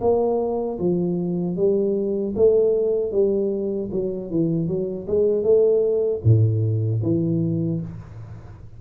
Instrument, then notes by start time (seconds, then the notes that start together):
tuba
0.00 A#3
0.79 F3
1.56 G3
2.35 A3
3.11 G3
3.91 F#3
4.30 E3
4.67 F#3
5.07 G#3
5.43 A3
6.24 A2
7.02 E3